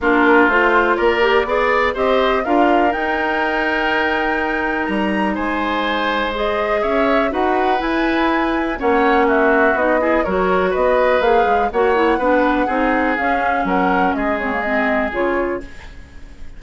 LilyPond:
<<
  \new Staff \with { instrumentName = "flute" } { \time 4/4 \tempo 4 = 123 ais'4 c''4 d''2 | dis''4 f''4 g''2~ | g''2 ais''4 gis''4~ | gis''4 dis''4 e''4 fis''4 |
gis''2 fis''4 e''4 | dis''4 cis''4 dis''4 f''4 | fis''2. f''4 | fis''4 dis''8 cis''8 dis''4 cis''4 | }
  \new Staff \with { instrumentName = "oboe" } { \time 4/4 f'2 ais'4 d''4 | c''4 ais'2.~ | ais'2. c''4~ | c''2 cis''4 b'4~ |
b'2 cis''4 fis'4~ | fis'8 gis'8 ais'4 b'2 | cis''4 b'4 gis'2 | ais'4 gis'2. | }
  \new Staff \with { instrumentName = "clarinet" } { \time 4/4 d'4 f'4. g'8 gis'4 | g'4 f'4 dis'2~ | dis'1~ | dis'4 gis'2 fis'4 |
e'2 cis'2 | dis'8 e'8 fis'2 gis'4 | fis'8 e'8 d'4 dis'4 cis'4~ | cis'4. c'16 ais16 c'4 f'4 | }
  \new Staff \with { instrumentName = "bassoon" } { \time 4/4 ais4 a4 ais4 b4 | c'4 d'4 dis'2~ | dis'2 g4 gis4~ | gis2 cis'4 dis'4 |
e'2 ais2 | b4 fis4 b4 ais8 gis8 | ais4 b4 c'4 cis'4 | fis4 gis2 cis4 | }
>>